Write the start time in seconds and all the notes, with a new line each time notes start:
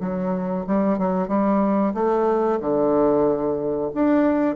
0.00 F#3
0.67 G3
0.98 F#3
1.28 G3
1.94 A3
2.61 D3
3.94 D4